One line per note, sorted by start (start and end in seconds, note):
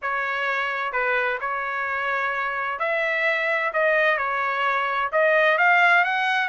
0.01 0.92 C#5
0.92 1.38 B4
1.40 2.79 C#5
2.79 3.72 E5
3.73 4.17 D#5
4.17 5.10 C#5
5.12 5.58 D#5
5.58 6.04 F5
6.04 6.48 F#5